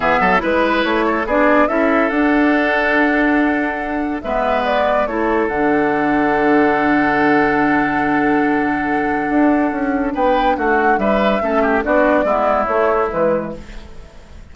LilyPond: <<
  \new Staff \with { instrumentName = "flute" } { \time 4/4 \tempo 4 = 142 e''4 b'4 cis''4 d''4 | e''4 fis''2.~ | fis''2 e''4 d''4 | cis''4 fis''2.~ |
fis''1~ | fis''1 | g''4 fis''4 e''2 | d''2 cis''4 b'4 | }
  \new Staff \with { instrumentName = "oboe" } { \time 4/4 gis'8 a'8 b'4. a'8 gis'4 | a'1~ | a'2 b'2 | a'1~ |
a'1~ | a'1 | b'4 fis'4 b'4 a'8 g'8 | fis'4 e'2. | }
  \new Staff \with { instrumentName = "clarinet" } { \time 4/4 b4 e'2 d'4 | e'4 d'2.~ | d'2 b2 | e'4 d'2.~ |
d'1~ | d'1~ | d'2. cis'4 | d'4 b4 a4 gis4 | }
  \new Staff \with { instrumentName = "bassoon" } { \time 4/4 e8 fis8 gis4 a4 b4 | cis'4 d'2.~ | d'2 gis2 | a4 d2.~ |
d1~ | d2 d'4 cis'4 | b4 a4 g4 a4 | b4 gis4 a4 e4 | }
>>